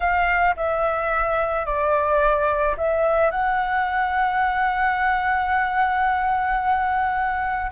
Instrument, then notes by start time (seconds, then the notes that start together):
flute
0.00 F5
0.56 E5
1.65 D5
2.77 E5
3.31 F#5